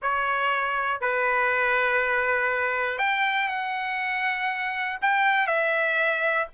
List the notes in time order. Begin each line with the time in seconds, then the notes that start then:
0.01 C#5
1.00 B4
2.98 G5
3.48 F#5
5.01 G5
5.47 E5